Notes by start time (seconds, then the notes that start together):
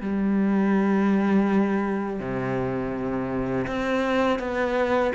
0.00 G3
2.19 C3
3.67 C4
4.39 B3